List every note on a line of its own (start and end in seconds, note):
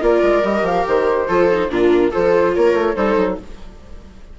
0.00 0.22 A#3
0.00 0.42 F4
0.00 1.27 A#4
0.00 0.45 D5
0.22 0.43 G#3
0.43 0.62 G3
0.43 1.28 G4
0.43 0.65 D#5
0.62 0.83 F3
0.62 0.86 F5
0.86 1.28 D#3
0.86 1.70 C5
1.27 1.69 F3
1.27 1.49 F4
1.27 1.69 A4
1.51 1.68 D#4
1.68 2.11 A#2
1.68 2.11 D4
1.68 2.11 F4
1.68 2.12 A#4
2.11 2.56 F3
2.11 2.95 F4
2.11 2.53 A4
2.11 2.54 C5
2.54 2.73 A#3
2.54 2.96 A#4
2.54 2.95 C#5
2.73 2.94 A3
2.95 3.17 G3
2.95 3.37 D#4
2.95 3.38 A4
2.95 3.37 C5
3.17 3.38 F#3